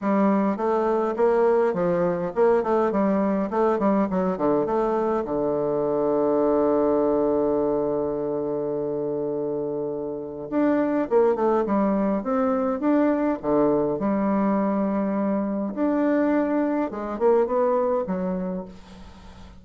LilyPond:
\new Staff \with { instrumentName = "bassoon" } { \time 4/4 \tempo 4 = 103 g4 a4 ais4 f4 | ais8 a8 g4 a8 g8 fis8 d8 | a4 d2.~ | d1~ |
d2 d'4 ais8 a8 | g4 c'4 d'4 d4 | g2. d'4~ | d'4 gis8 ais8 b4 fis4 | }